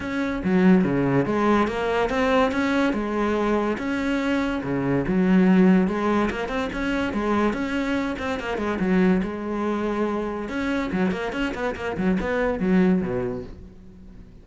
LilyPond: \new Staff \with { instrumentName = "cello" } { \time 4/4 \tempo 4 = 143 cis'4 fis4 cis4 gis4 | ais4 c'4 cis'4 gis4~ | gis4 cis'2 cis4 | fis2 gis4 ais8 c'8 |
cis'4 gis4 cis'4. c'8 | ais8 gis8 fis4 gis2~ | gis4 cis'4 fis8 ais8 cis'8 b8 | ais8 fis8 b4 fis4 b,4 | }